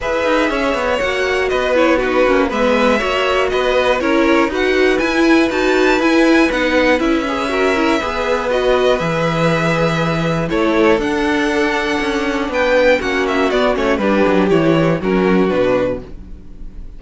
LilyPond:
<<
  \new Staff \with { instrumentName = "violin" } { \time 4/4 \tempo 4 = 120 e''2 fis''4 dis''8 cis''8 | b'4 e''2 dis''4 | cis''4 fis''4 gis''4 a''4 | gis''4 fis''4 e''2~ |
e''4 dis''4 e''2~ | e''4 cis''4 fis''2~ | fis''4 g''4 fis''8 e''8 d''8 cis''8 | b'4 cis''4 ais'4 b'4 | }
  \new Staff \with { instrumentName = "violin" } { \time 4/4 b'4 cis''2 b'4 | fis'4 b'4 cis''4 b'4 | ais'4 b'2.~ | b'2. ais'4 |
b'1~ | b'4 a'2.~ | a'4 b'4 fis'2 | g'2 fis'2 | }
  \new Staff \with { instrumentName = "viola" } { \time 4/4 gis'2 fis'4. e'8 | dis'8 cis'8 b4 fis'2 | e'4 fis'4 e'4 fis'4 | e'4 dis'4 e'8 gis'8 fis'8 e'8 |
gis'4 fis'4 gis'2~ | gis'4 e'4 d'2~ | d'2 cis'4 b8 cis'8 | d'4 e'4 cis'4 d'4 | }
  \new Staff \with { instrumentName = "cello" } { \time 4/4 e'8 dis'8 cis'8 b8 ais4 b4~ | b8 ais8 gis4 ais4 b4 | cis'4 dis'4 e'4 dis'4 | e'4 b4 cis'2 |
b2 e2~ | e4 a4 d'2 | cis'4 b4 ais4 b8 a8 | g8 fis8 e4 fis4 b,4 | }
>>